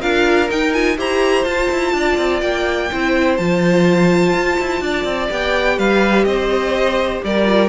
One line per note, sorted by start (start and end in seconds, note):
0.00 0.50 D4
0.00 0.48 F4
0.00 0.96 A#4
0.00 0.49 F5
0.48 0.72 D#4
0.48 0.97 D#4
0.48 0.73 G5
0.73 0.97 F4
0.73 0.97 G#5
0.97 1.45 E4
0.97 1.45 G4
0.97 1.94 C5
0.97 1.44 A#5
1.44 1.69 F4
1.44 2.90 F4
1.44 2.40 A5
1.71 1.92 E4
1.92 2.16 D4
1.92 2.91 D5
2.17 2.41 C4
2.41 2.89 A#3
2.41 3.36 G5
2.91 3.38 C4
2.91 3.39 E4
2.91 4.82 C5
3.36 4.33 F3
3.36 5.30 F4
3.36 5.28 A5
4.33 4.57 F4
4.59 4.81 E4
4.81 5.04 D4
4.81 5.77 D5
5.04 5.28 C4
5.30 5.78 B3
5.30 7.44 G4
5.30 5.79 G5
5.77 6.25 G3
5.77 6.25 B4
5.77 6.24 F5
6.24 7.21 C4
6.24 7.24 C5
6.24 7.20 D#5
7.24 7.68 G3
7.24 7.68 A#4
7.24 7.68 D5
7.44 7.68 F4